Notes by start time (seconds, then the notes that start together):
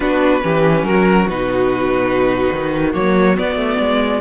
0.00 B3 D4 F#4 B4
0.41 E3 C#4 G4
0.83 F#3 F#4 A#4
1.28 B2 D#4 B4
2.51 D#3
2.92 F#3 A#3 C#5
3.36 B3 D5
3.55 A3
3.79 G#3